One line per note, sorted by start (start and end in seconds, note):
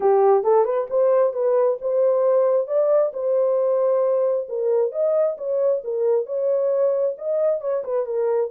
0.00 0.43 G4
0.43 0.65 A4
0.65 0.87 B4
0.90 1.33 C5
1.33 1.78 B4
1.81 2.67 C5
2.67 3.12 D5
3.13 4.47 C5
4.48 4.92 A#4
4.92 5.36 D#5
5.37 5.82 C#5
5.84 6.26 A#4
6.26 7.15 C#5
7.17 7.61 D#5
7.61 7.83 C#5
7.84 8.06 B4
8.06 8.51 A#4